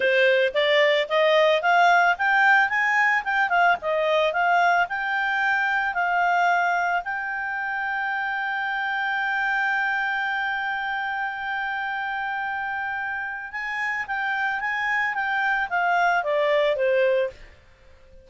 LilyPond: \new Staff \with { instrumentName = "clarinet" } { \time 4/4 \tempo 4 = 111 c''4 d''4 dis''4 f''4 | g''4 gis''4 g''8 f''8 dis''4 | f''4 g''2 f''4~ | f''4 g''2.~ |
g''1~ | g''1~ | g''4 gis''4 g''4 gis''4 | g''4 f''4 d''4 c''4 | }